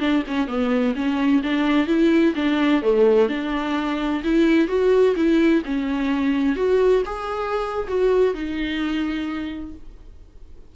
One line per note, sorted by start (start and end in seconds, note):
0.00 0.23 D4
0.28 0.48 C#4
0.48 0.94 B3
0.96 1.43 C#4
1.43 1.87 D4
1.87 2.34 E4
2.35 2.82 D4
2.82 3.29 A3
3.29 4.23 D4
4.24 4.68 E4
4.68 5.15 F#4
5.16 5.63 E4
5.65 6.56 C#4
6.56 7.03 F#4
7.05 7.87 G#4
7.88 8.34 F#4
8.34 9.75 D#4